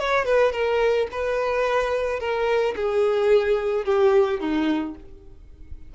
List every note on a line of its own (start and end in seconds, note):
0.00 0.26 C#5
0.26 0.53 B4
0.53 1.08 A#4
1.12 2.20 B4
2.20 2.75 A#4
2.76 3.86 G#4
3.86 4.41 G4
4.41 4.96 D#4